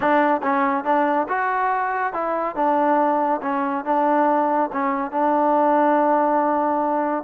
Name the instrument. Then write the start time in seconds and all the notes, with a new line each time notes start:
trombone
0.00 D4
0.42 C#4
0.84 D4
1.28 F#4
2.13 E4
2.55 D4
3.42 C#4
3.84 D4
4.72 C#4
5.11 D4